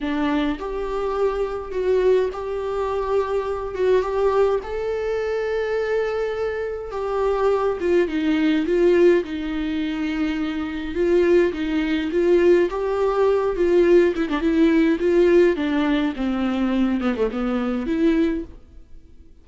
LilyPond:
\new Staff \with { instrumentName = "viola" } { \time 4/4 \tempo 4 = 104 d'4 g'2 fis'4 | g'2~ g'8 fis'8 g'4 | a'1 | g'4. f'8 dis'4 f'4 |
dis'2. f'4 | dis'4 f'4 g'4. f'8~ | f'8 e'16 d'16 e'4 f'4 d'4 | c'4. b16 a16 b4 e'4 | }